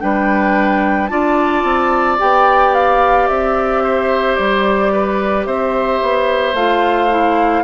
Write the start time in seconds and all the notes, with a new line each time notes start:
0.00 G3 D4 B4 G5
1.08 D4 F4 D5 A5
1.64 C4
2.18 B3 G4 G5
2.75 F5
3.27 C4 E5
3.84 C5
4.36 G3 D5
4.93 B4
5.46 C4 C5 E5
6.03 B3
6.54 A3 F4 F5
7.10 E4